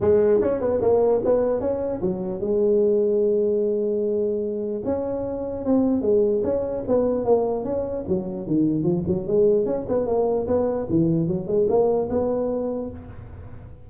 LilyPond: \new Staff \with { instrumentName = "tuba" } { \time 4/4 \tempo 4 = 149 gis4 cis'8 b8 ais4 b4 | cis'4 fis4 gis2~ | gis1 | cis'2 c'4 gis4 |
cis'4 b4 ais4 cis'4 | fis4 dis4 f8 fis8 gis4 | cis'8 b8 ais4 b4 e4 | fis8 gis8 ais4 b2 | }